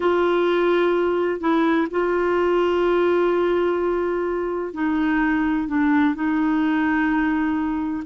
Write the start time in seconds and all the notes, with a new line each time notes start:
0.00 F4
1.40 E4
1.90 F4
4.73 D#4
5.68 D4
6.14 D#4